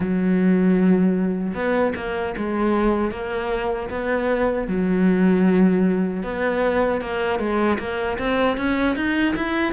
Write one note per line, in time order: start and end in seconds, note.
0.00 1.53 F#3
1.54 1.93 B3
1.96 2.35 A#3
2.37 3.11 G#3
3.11 3.89 A#3
3.89 4.67 B3
4.67 6.23 F#3
6.23 7.01 B3
7.01 7.38 A#3
7.38 7.77 G#3
7.79 8.17 A#3
8.18 8.57 C4
8.57 8.96 C#4
8.96 9.35 D#4
9.35 9.72 E4